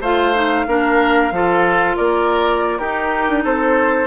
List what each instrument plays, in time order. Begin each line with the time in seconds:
0.00 bassoon A3, clarinet F4, oboe C5, flute F5
0.34 clarinet D#4
0.67 bassoon A#3, clarinet D4, oboe A#4
1.31 bassoon F3, clarinet F4, oboe A4
1.96 bassoon A#3, oboe A#4, flute D5
2.78 bassoon D#4, clarinet D#4, oboe G4, flute A#4
3.29 bassoon D4
3.43 bassoon C4, oboe A4, flute C5